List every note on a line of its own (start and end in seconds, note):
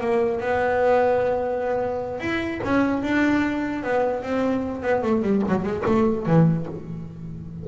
0.00 0.40 A#3
0.40 2.20 B3
2.20 2.60 E4
2.64 3.02 C#4
3.02 3.83 D4
3.83 4.22 B3
4.22 4.82 C4
4.82 5.02 B3
5.02 5.22 A3
5.22 5.42 G3
5.48 5.63 F#3
5.63 5.83 G#3
5.86 6.26 A3
6.26 6.66 E3